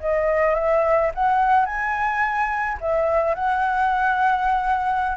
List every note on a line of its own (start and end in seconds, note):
0.00 0.55 D#5
0.55 1.11 E5
1.15 1.66 F#5
1.66 2.78 G#5
2.81 3.35 E5
3.35 5.17 F#5